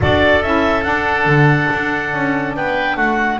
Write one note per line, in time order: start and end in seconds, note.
0.00 0.43 D4
0.00 0.42 F#4
0.00 2.56 A4
0.00 0.42 D5
0.42 0.84 C#4
0.42 0.84 E4
0.42 0.82 E5
0.82 1.25 D4
0.82 3.39 D4
0.82 2.53 F#5
1.25 1.68 D3
1.73 2.13 D4
2.13 2.56 C#4
2.55 2.97 B3
2.55 2.96 B4
2.55 2.96 G5
2.96 3.39 A3
2.96 3.39 F#4
2.96 3.39 F#5